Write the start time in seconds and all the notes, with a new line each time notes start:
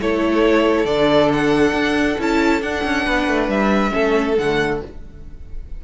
0.00 A3 E4 A4 C#5
0.85 D3 D4 D5
1.33 F#5
1.73 D4
2.19 C#4 E4 A5
2.62 D4 F#5
2.84 C#4
3.05 B3 B4
3.28 A3
3.48 G3 E5
3.91 A3 C#4 A4
4.38 D3 A3 F#5